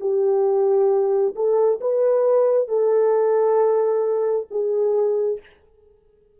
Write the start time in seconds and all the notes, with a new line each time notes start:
0.00 G4
1.35 A4
1.80 B4
2.68 A4
4.51 G#4